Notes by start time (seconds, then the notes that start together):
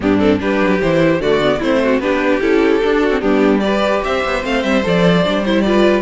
0.00 G2 B3 D4 G4
0.19 C4 A4
0.38 G3 D4 G4 B4
0.60 F#3
0.81 E3 E4 C5
1.19 D3 A3 F#4 D5
1.41 B3
1.59 A3 C4 E4 C5
1.83 F#4
1.99 B3 D4 G4 B4
2.40 C#4 E4 A4
2.82 D4
3.01 F#4
3.10 C4
3.20 G3 B3 D4 G4
3.60 G4 B4 D5
4.04 C4 C5 E5
4.25 B3
4.42 A3 C4 F5
4.62 G3 E5
4.83 F3 A4 D5
5.23 G3 D4
5.44 E4 C5
5.61 F4 B4 D5